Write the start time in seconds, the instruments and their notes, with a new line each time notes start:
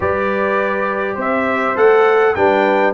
0.00 tuba G3, trombone G4, horn B4, trumpet D5
1.14 tuba C4, horn C5
1.20 trumpet E5
1.75 tuba A3, trombone A4, trumpet F#5
2.35 tuba G3, trombone D4, horn B4, trumpet G5